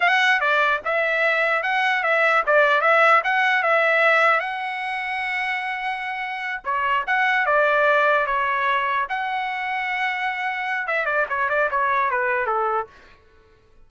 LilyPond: \new Staff \with { instrumentName = "trumpet" } { \time 4/4 \tempo 4 = 149 fis''4 d''4 e''2 | fis''4 e''4 d''4 e''4 | fis''4 e''2 fis''4~ | fis''1~ |
fis''8 cis''4 fis''4 d''4.~ | d''8 cis''2 fis''4.~ | fis''2. e''8 d''8 | cis''8 d''8 cis''4 b'4 a'4 | }